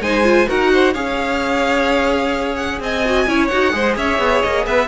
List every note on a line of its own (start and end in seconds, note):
0.00 0.47 G#3
0.00 0.23 D#4
0.00 0.48 C5
0.00 0.48 G#5
0.23 0.46 F4
0.47 0.94 D#4
0.47 0.94 F#4
0.47 0.71 A#4
0.47 0.94 F#5
0.72 0.93 C5
0.93 2.80 C#4
0.93 3.03 G#4
0.93 2.79 C#5
0.93 2.56 F5
2.56 2.79 F#5
2.80 3.26 C4
2.80 3.27 D#5
2.80 3.47 G#5
3.05 3.27 F#4
3.27 3.50 C#4
3.27 3.50 E4
3.27 3.74 C#5
3.47 3.73 D#4
3.47 3.71 F#4
3.47 3.94 F#5
3.71 3.96 G#3
3.71 4.87 G#4
3.71 3.97 C5
3.96 4.18 C#4
3.96 4.65 C#5
3.96 4.41 E5
4.18 4.41 B3
4.41 4.66 A#3
4.41 4.65 D#5
4.65 4.88 B3
4.65 4.88 B4
4.65 4.88 E5